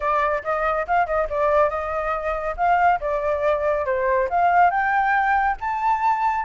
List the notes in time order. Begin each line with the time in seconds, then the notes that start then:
0.00 D5
0.43 D#5
0.87 F5
1.06 D#5
1.29 D5
1.69 D#5
2.56 F5
3.00 D5
3.85 C5
4.29 F5
4.70 G5
5.60 A5